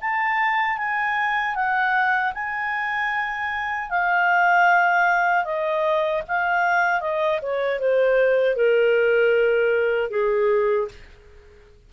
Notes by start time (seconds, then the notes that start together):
0.00 A5
0.78 G#5
1.54 F#5
2.34 G#5
3.89 F5
5.44 D#5
6.27 F5
7.00 D#5
7.42 C#5
7.79 C5
8.55 A#4
10.10 G#4